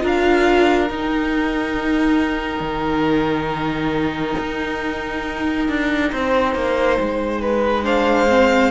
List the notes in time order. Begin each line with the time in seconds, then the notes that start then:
0.00 D4 F4 A#4
0.06 F5
0.90 D#4 G5
2.60 D#3
4.38 D#4
5.68 D4
6.12 C4 C5
6.55 A#3
7.00 G#3
7.41 B4
7.84 D4 C5 F5
8.29 C4